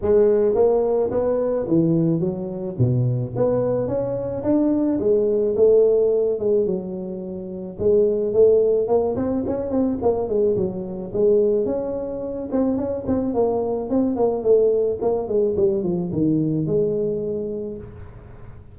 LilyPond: \new Staff \with { instrumentName = "tuba" } { \time 4/4 \tempo 4 = 108 gis4 ais4 b4 e4 | fis4 b,4 b4 cis'4 | d'4 gis4 a4. gis8 | fis2 gis4 a4 |
ais8 c'8 cis'8 c'8 ais8 gis8 fis4 | gis4 cis'4. c'8 cis'8 c'8 | ais4 c'8 ais8 a4 ais8 gis8 | g8 f8 dis4 gis2 | }